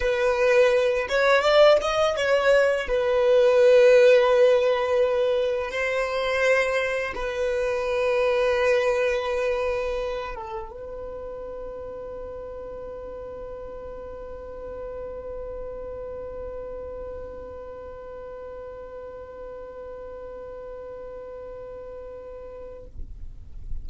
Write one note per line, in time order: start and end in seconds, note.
0.00 1.07 B4
1.08 1.42 C#5
1.42 1.77 D5
1.81 2.16 D#5
2.16 2.87 C#5
2.87 5.70 B4
5.70 7.13 C5
7.14 10.35 B4
10.35 10.70 A4
10.70 22.85 B4